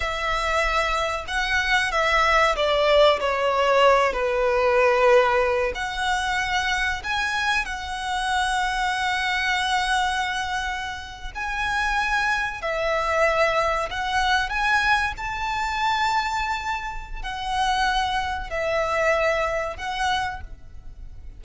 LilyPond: \new Staff \with { instrumentName = "violin" } { \time 4/4 \tempo 4 = 94 e''2 fis''4 e''4 | d''4 cis''4. b'4.~ | b'4 fis''2 gis''4 | fis''1~ |
fis''4.~ fis''16 gis''2 e''16~ | e''4.~ e''16 fis''4 gis''4 a''16~ | a''2. fis''4~ | fis''4 e''2 fis''4 | }